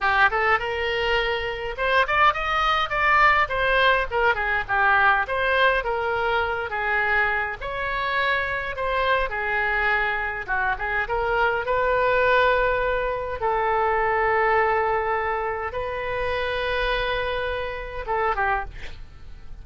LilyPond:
\new Staff \with { instrumentName = "oboe" } { \time 4/4 \tempo 4 = 103 g'8 a'8 ais'2 c''8 d''8 | dis''4 d''4 c''4 ais'8 gis'8 | g'4 c''4 ais'4. gis'8~ | gis'4 cis''2 c''4 |
gis'2 fis'8 gis'8 ais'4 | b'2. a'4~ | a'2. b'4~ | b'2. a'8 g'8 | }